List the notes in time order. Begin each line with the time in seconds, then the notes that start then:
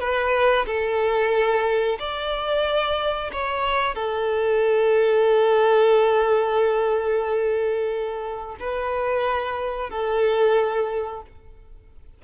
0.00 B4
0.67 A4
2.00 D5
3.33 C#5
3.95 A4
8.60 B4
9.91 A4